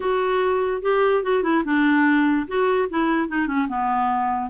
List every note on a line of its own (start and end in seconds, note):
0.00 0.81 F#4
0.81 1.23 G4
1.23 1.43 F#4
1.43 1.63 E4
1.64 2.47 D4
2.47 2.88 F#4
2.89 3.28 E4
3.28 3.47 D#4
3.47 3.67 C#4
3.68 4.50 B3